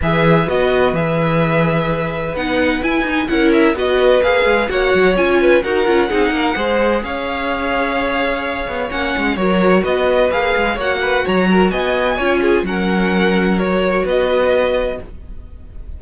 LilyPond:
<<
  \new Staff \with { instrumentName = "violin" } { \time 4/4 \tempo 4 = 128 e''4 dis''4 e''2~ | e''4 fis''4 gis''4 fis''8 e''8 | dis''4 f''4 fis''4 gis''4 | fis''2. f''4~ |
f''2. fis''4 | cis''4 dis''4 f''4 fis''4 | ais''4 gis''2 fis''4~ | fis''4 cis''4 dis''2 | }
  \new Staff \with { instrumentName = "violin" } { \time 4/4 b'1~ | b'2. ais'4 | b'2 cis''4. b'8 | ais'4 gis'8 ais'8 c''4 cis''4~ |
cis''1 | ais'4 b'2 cis''8 b'8 | cis''8 ais'8 dis''4 cis''8 gis'8 ais'4~ | ais'2 b'2 | }
  \new Staff \with { instrumentName = "viola" } { \time 4/4 gis'4 fis'4 gis'2~ | gis'4 dis'4 e'8 dis'8 e'4 | fis'4 gis'4 fis'4 f'4 | fis'8 f'8 dis'4 gis'2~ |
gis'2. cis'4 | fis'2 gis'4 fis'4~ | fis'2 f'4 cis'4~ | cis'4 fis'2. | }
  \new Staff \with { instrumentName = "cello" } { \time 4/4 e4 b4 e2~ | e4 b4 e'8 dis'8 cis'4 | b4 ais8 gis8 ais8 fis8 cis'4 | dis'8 cis'8 c'8 ais8 gis4 cis'4~ |
cis'2~ cis'8 b8 ais8 gis8 | fis4 b4 ais8 gis8 ais4 | fis4 b4 cis'4 fis4~ | fis2 b2 | }
>>